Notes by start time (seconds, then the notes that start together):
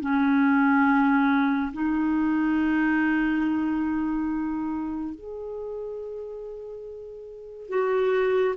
0.00 C#4
1.72 D#4
5.14 G#4
7.69 F#4